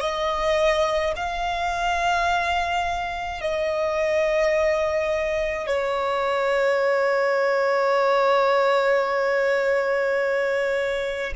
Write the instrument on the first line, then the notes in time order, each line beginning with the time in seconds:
violin
0.00 D#5
1.16 F5
3.41 D#5
5.67 C#5